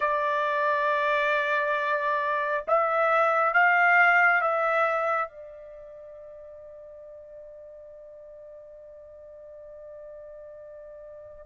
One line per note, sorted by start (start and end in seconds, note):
0.00 2.64 D5
2.67 3.53 E5
3.53 4.41 F5
4.41 5.28 E5
5.28 11.45 D5